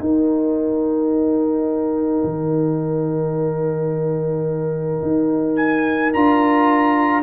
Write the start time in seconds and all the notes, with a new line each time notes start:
0.00 D#4 A#4 G5
2.24 D#3
5.02 D#4
5.56 G#5
6.13 D4 F4 A#5